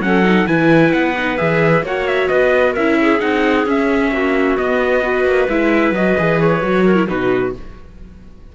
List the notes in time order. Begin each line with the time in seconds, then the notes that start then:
0.00 F#3 C#4 A4 F#5
0.24 D#4
0.46 E3 E4 B4 G#5
0.92 B3 F#5
1.17 D#4
1.37 E3 G#4 E5
1.83 A#3 F#4 C#5 F#5
2.07 E5
2.28 B3 B4 D#5
2.73 C#4 E4 A#4 E5
3.01 G#4
3.19 C4 D#4 F#5
3.65 C#4 E5
4.11 A#3 F#4
4.57 B3 D#5
5.02 F#4 B4
5.25 A#3
5.48 G#3 E4 E5
5.91 F#3 F#4 D#5
6.18 E3 G#4
6.40 C#5
6.62 F#3 F#4
6.85 A#4
6.95 E4
7.07 B2 D#4 F#4 B4